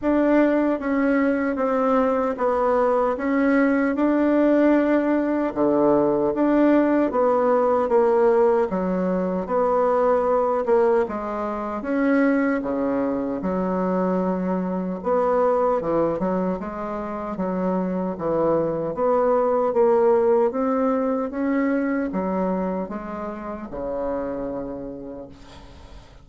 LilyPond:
\new Staff \with { instrumentName = "bassoon" } { \time 4/4 \tempo 4 = 76 d'4 cis'4 c'4 b4 | cis'4 d'2 d4 | d'4 b4 ais4 fis4 | b4. ais8 gis4 cis'4 |
cis4 fis2 b4 | e8 fis8 gis4 fis4 e4 | b4 ais4 c'4 cis'4 | fis4 gis4 cis2 | }